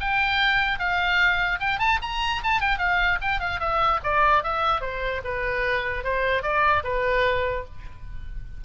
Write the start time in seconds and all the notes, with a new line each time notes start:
0.00 G5
0.79 F5
1.60 G5
1.79 A5
2.02 A#5
2.43 A5
2.60 G5
2.78 F5
3.21 G5
3.40 F5
3.60 E5
4.03 D5
4.43 E5
4.81 C5
5.24 B4
6.04 C5
6.42 D5
6.84 B4